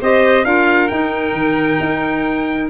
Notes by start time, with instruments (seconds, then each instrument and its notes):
0.00 tuba C4, clarinet G4, violin C5, trumpet D#5
0.44 tuba D4, clarinet F4, violin A#4, trumpet F5
0.87 clarinet D#4, tuba D#4, trumpet G5
1.32 tuba D#3
1.80 tuba D#4